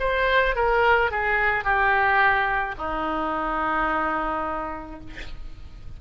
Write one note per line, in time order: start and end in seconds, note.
0.00 0.56 C5
0.56 1.11 A#4
1.11 1.64 G#4
1.64 2.75 G4
2.78 5.00 D#4